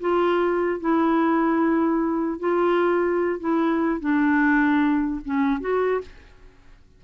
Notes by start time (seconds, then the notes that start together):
0.00 F4
0.80 E4
2.40 F4
3.40 E4
4.00 D4
5.25 C#4
5.61 F#4